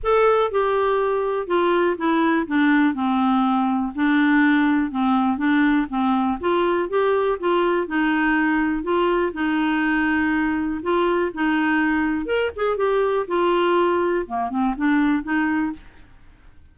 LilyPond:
\new Staff \with { instrumentName = "clarinet" } { \time 4/4 \tempo 4 = 122 a'4 g'2 f'4 | e'4 d'4 c'2 | d'2 c'4 d'4 | c'4 f'4 g'4 f'4 |
dis'2 f'4 dis'4~ | dis'2 f'4 dis'4~ | dis'4 ais'8 gis'8 g'4 f'4~ | f'4 ais8 c'8 d'4 dis'4 | }